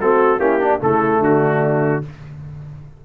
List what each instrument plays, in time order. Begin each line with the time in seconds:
0.00 tuba A3, trombone C4, horn F#4, trumpet A4
0.39 tuba A#3, trombone C#4, horn E4, trumpet G4
0.60 trombone D4, horn D4
0.80 tuba C#3, trombone A3, horn E4, trumpet A4
1.19 tuba D3, horn D4, trumpet F#4